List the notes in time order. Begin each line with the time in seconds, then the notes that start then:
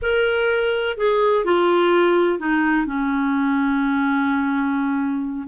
0.02 A#4
0.97 G#4
1.45 F4
2.39 D#4
2.85 C#4